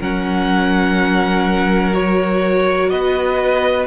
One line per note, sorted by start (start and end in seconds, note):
0.00 2.91 F#3
0.00 1.94 C#4
0.00 2.90 A#4
0.00 1.94 F#5
1.94 3.87 F#4
1.94 2.90 C#5
2.90 3.87 B3
2.90 3.87 B4
2.90 3.86 D#5